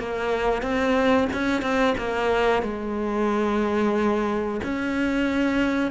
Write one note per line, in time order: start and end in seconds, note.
0.00 0.63 A#3
0.63 1.29 C4
1.33 1.62 C#4
1.62 1.95 C4
1.98 2.63 A#3
2.63 4.61 G#3
4.64 5.92 C#4